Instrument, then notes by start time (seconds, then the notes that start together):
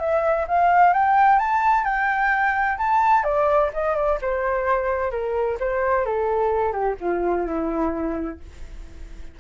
flute
0.00 E5
0.48 F5
0.94 G5
1.40 A5
1.85 G5
2.78 A5
3.24 D5
3.74 D#5
3.96 D5
4.22 C5
5.12 A#4
5.60 C5
6.06 A4
6.73 G4
7.01 F4
7.47 E4